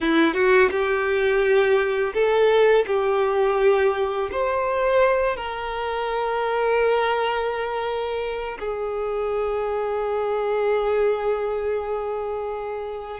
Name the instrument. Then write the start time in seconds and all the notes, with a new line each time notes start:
violin
0.00 E4
0.34 F#4
0.70 G4
2.14 A4
2.86 G4
4.31 C5
5.36 A#4
8.59 G#4